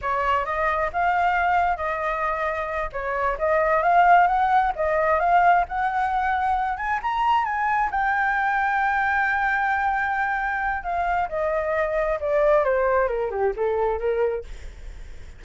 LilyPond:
\new Staff \with { instrumentName = "flute" } { \time 4/4 \tempo 4 = 133 cis''4 dis''4 f''2 | dis''2~ dis''8 cis''4 dis''8~ | dis''8 f''4 fis''4 dis''4 f''8~ | f''8 fis''2~ fis''8 gis''8 ais''8~ |
ais''8 gis''4 g''2~ g''8~ | g''1 | f''4 dis''2 d''4 | c''4 ais'8 g'8 a'4 ais'4 | }